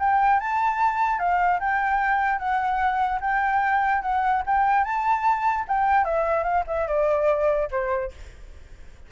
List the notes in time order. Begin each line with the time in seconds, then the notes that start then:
0.00 G5
0.40 A5
1.19 F5
1.60 G5
2.39 F#5
3.21 G5
4.02 F#5
4.46 G5
4.84 A5
5.68 G5
6.05 E5
6.44 F5
6.67 E5
6.88 D5
7.71 C5